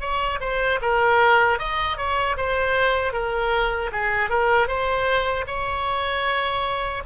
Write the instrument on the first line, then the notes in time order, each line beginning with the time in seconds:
oboe
0.00 C#5
0.40 C5
0.81 A#4
1.59 D#5
1.97 C#5
2.36 C5
3.13 A#4
3.92 G#4
4.29 A#4
4.67 C5
5.47 C#5